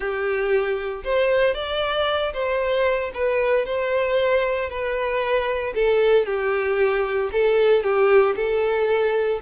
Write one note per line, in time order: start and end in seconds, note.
0.00 1.03 G4
1.04 1.54 C5
1.54 2.32 D5
2.33 3.11 C5
3.14 3.65 B4
3.65 4.69 C5
4.69 5.73 B4
5.75 6.25 A4
6.25 7.30 G4
7.32 7.83 A4
7.83 8.35 G4
8.36 9.40 A4